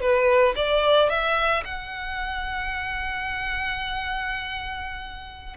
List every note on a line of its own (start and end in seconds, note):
0.00 0.54 B4
0.55 1.09 D5
1.09 1.63 E5
1.64 5.56 F#5